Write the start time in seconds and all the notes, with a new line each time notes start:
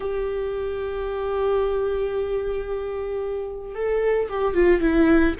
0.00 G4
3.74 A4
4.28 G4
4.54 F4
4.81 E4